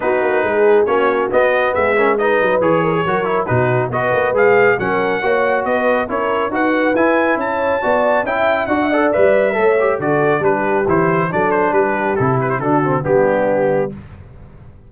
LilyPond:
<<
  \new Staff \with { instrumentName = "trumpet" } { \time 4/4 \tempo 4 = 138 b'2 cis''4 dis''4 | e''4 dis''4 cis''2 | b'4 dis''4 f''4 fis''4~ | fis''4 dis''4 cis''4 fis''4 |
gis''4 a''2 g''4 | fis''4 e''2 d''4 | b'4 c''4 d''8 c''8 b'4 | a'8 b'16 c''16 a'4 g'2 | }
  \new Staff \with { instrumentName = "horn" } { \time 4/4 fis'4 gis'4 fis'2 | gis'8 ais'8 b'4. ais'16 gis'16 ais'4 | fis'4 b'2 ais'4 | cis''4 b'4 ais'4 b'4~ |
b'4 cis''4 d''4 e''4 | d''16 e''16 d''4. cis''4 a'4 | g'2 a'4 g'4~ | g'4 fis'4 d'2 | }
  \new Staff \with { instrumentName = "trombone" } { \time 4/4 dis'2 cis'4 b4~ | b8 cis'8 dis'4 gis'4 fis'8 e'8 | dis'4 fis'4 gis'4 cis'4 | fis'2 e'4 fis'4 |
e'2 fis'4 e'4 | fis'8 a'8 b'4 a'8 g'8 fis'4 | d'4 e'4 d'2 | e'4 d'8 c'8 b2 | }
  \new Staff \with { instrumentName = "tuba" } { \time 4/4 b8 ais8 gis4 ais4 b4 | gis4. fis8 e4 fis4 | b,4 b8 ais8 gis4 fis4 | ais4 b4 cis'4 dis'4 |
e'4 cis'4 b4 cis'4 | d'4 g4 a4 d4 | g4 e4 fis4 g4 | c4 d4 g2 | }
>>